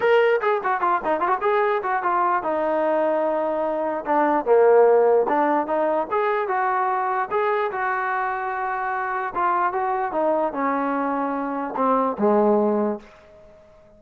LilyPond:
\new Staff \with { instrumentName = "trombone" } { \time 4/4 \tempo 4 = 148 ais'4 gis'8 fis'8 f'8 dis'8 f'16 fis'16 gis'8~ | gis'8 fis'8 f'4 dis'2~ | dis'2 d'4 ais4~ | ais4 d'4 dis'4 gis'4 |
fis'2 gis'4 fis'4~ | fis'2. f'4 | fis'4 dis'4 cis'2~ | cis'4 c'4 gis2 | }